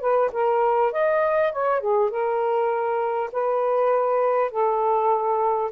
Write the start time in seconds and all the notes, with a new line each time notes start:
0.00 B4
0.32 A#4
0.92 D#5
1.52 C#5
1.80 G#4
2.10 A#4
3.32 B4
4.51 A4